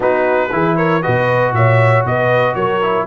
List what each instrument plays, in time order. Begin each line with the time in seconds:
0.00 tuba B3, trombone D#4, horn F#4, trumpet B4
0.51 tuba E3, trombone E4, horn G#4
0.76 horn A#4, trumpet C#5
1.02 tuba B2, trombone F#4, horn B4, trumpet D#5
1.52 tuba A#2, horn C#5, trumpet E5
2.05 tuba B2, horn B4, trumpet D#5
2.54 tuba F#3, horn A#4, trumpet C#5
2.81 trombone E4